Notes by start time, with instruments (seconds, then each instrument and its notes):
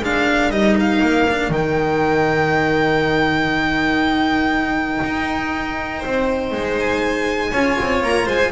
0.00 double bass G#3, cello D4, violin A#4 F5
0.50 double bass G3, cello D#4, violin D#5
0.79 violin F5
1.01 double bass A#3
1.29 cello D4
1.49 double bass D#3, cello D#4, violin G5
5.03 double bass D#4
5.99 double bass C4, violin C5
6.51 double bass G#3
6.79 violin G#5
7.51 double bass C#4, cello F4, violin C#5
7.80 double bass C4
8.02 double bass A#3, violin A#5
8.25 double bass G#3, violin C5 G#5